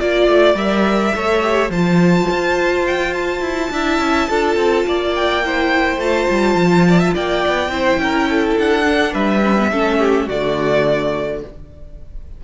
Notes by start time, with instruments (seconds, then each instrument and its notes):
0.00 cello A#3, viola F4, violin D5
0.28 cello A3
0.55 cello G3, viola A#4, violin E5
1.15 cello A3, viola A4, violin C#5
1.42 viola G4
1.70 cello F3, viola F4, violin C5 A5
2.31 cello F4
2.87 violin G5
3.14 violin A5
3.42 cello E4
3.71 cello D4, viola E4, violin E5
3.99 cello C#4
4.30 cello D4, viola F4, violin A4
4.57 cello C4
4.86 cello A#3, violin D5
5.16 violin G5
5.44 viola E4, violin C5
5.97 cello A3, viola F4, violin A5
6.31 cello G3
6.55 cello F3
6.89 violin D5
7.00 violin E5
7.15 cello A#3, violin D5 G5
7.48 cello B3
7.69 cello C4, viola E4, violin C5
7.98 cello C#4, violin A#4
8.30 violin A4
8.59 cello D4, violin F#5
8.85 viola D4
9.13 cello G3, violin B4 E5
9.43 viola C#4
9.59 viola B3
9.71 cello A3, viola C#4, violin A4
9.99 violin G4
10.27 cello D3, viola A3, violin F#4 D5